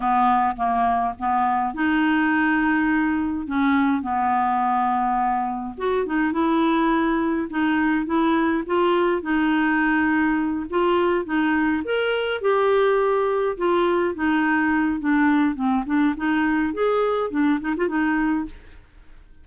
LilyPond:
\new Staff \with { instrumentName = "clarinet" } { \time 4/4 \tempo 4 = 104 b4 ais4 b4 dis'4~ | dis'2 cis'4 b4~ | b2 fis'8 dis'8 e'4~ | e'4 dis'4 e'4 f'4 |
dis'2~ dis'8 f'4 dis'8~ | dis'8 ais'4 g'2 f'8~ | f'8 dis'4. d'4 c'8 d'8 | dis'4 gis'4 d'8 dis'16 f'16 dis'4 | }